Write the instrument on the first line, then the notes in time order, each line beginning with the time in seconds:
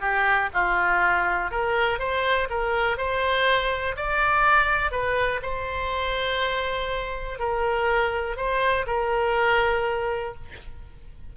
oboe
0.00 G4
0.53 F4
1.51 A#4
1.99 C5
2.50 A#4
2.97 C5
3.96 D5
4.92 B4
5.42 C5
7.39 A#4
8.37 C5
8.87 A#4